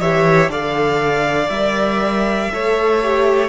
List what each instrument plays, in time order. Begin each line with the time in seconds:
0.00 cello E3, viola G4, violin C#5 E5
0.49 cello D3, viola A4, violin D5 F5
1.49 cello G3, viola A#4, violin E5
2.52 cello A3, viola A4, violin C#5
3.02 viola G4